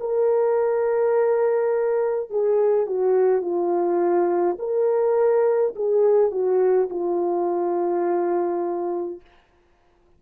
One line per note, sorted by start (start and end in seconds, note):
0.00 2.30 A#4
2.30 2.86 G#4
2.86 3.41 F#4
3.41 4.57 F4
4.59 5.74 A#4
5.75 6.31 G#4
6.31 6.89 F#4
6.90 9.20 F4